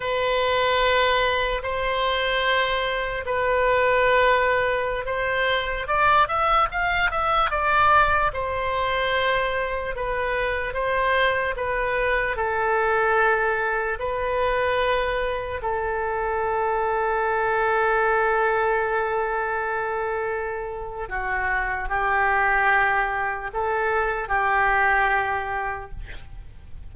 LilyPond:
\new Staff \with { instrumentName = "oboe" } { \time 4/4 \tempo 4 = 74 b'2 c''2 | b'2~ b'16 c''4 d''8 e''16~ | e''16 f''8 e''8 d''4 c''4.~ c''16~ | c''16 b'4 c''4 b'4 a'8.~ |
a'4~ a'16 b'2 a'8.~ | a'1~ | a'2 fis'4 g'4~ | g'4 a'4 g'2 | }